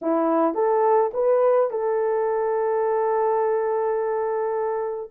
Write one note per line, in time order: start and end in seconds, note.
0.01 0.54 E4
0.54 1.11 A4
1.13 1.70 B4
1.70 5.09 A4